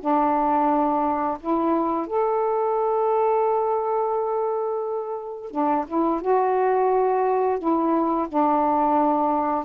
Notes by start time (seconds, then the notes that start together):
0.00 D4
1.40 E4
2.07 A4
5.51 D4
5.87 E4
6.21 F#4
7.59 E4
8.29 D4